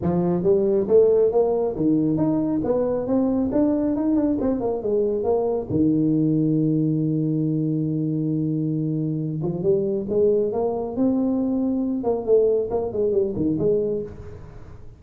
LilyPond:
\new Staff \with { instrumentName = "tuba" } { \time 4/4 \tempo 4 = 137 f4 g4 a4 ais4 | dis4 dis'4 b4 c'4 | d'4 dis'8 d'8 c'8 ais8 gis4 | ais4 dis2.~ |
dis1~ | dis4. f8 g4 gis4 | ais4 c'2~ c'8 ais8 | a4 ais8 gis8 g8 dis8 gis4 | }